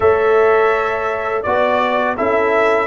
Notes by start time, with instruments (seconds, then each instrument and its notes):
0.00 tuba A3, trombone A4, horn C#5, trumpet E5
1.42 tuba B3, trombone F#4, trumpet D5, horn D5
2.17 tuba C#4, trombone E4, horn A4, trumpet E5